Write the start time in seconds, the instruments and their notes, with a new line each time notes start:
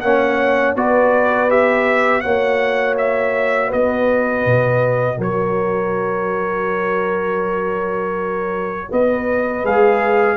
0.00 tuba A#3, trombone C#4, horn C#5, trumpet F#5
0.75 tuba B3, trombone F#4, horn B4, trumpet D5
1.49 trombone G4, trumpet E5
2.21 tuba A#3, trombone F#4, horn C#5, trumpet F#5
2.97 trumpet E5
3.67 tuba B3, horn B4, trumpet D#5
4.45 tuba B2
5.17 tuba F#3, horn A#4, trumpet C#5
8.90 tuba B3, horn B4, trumpet D#5
9.64 tuba G#3, trombone G#4, trumpet F5